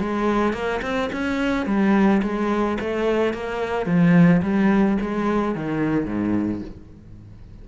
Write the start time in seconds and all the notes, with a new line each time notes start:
0.00 G#3
0.54 A#3
0.83 C4
1.13 C#4
1.67 G3
2.23 G#3
2.81 A3
3.34 A#3
3.86 F3
4.43 G3
5.02 G#3
5.56 D#3
6.07 G#2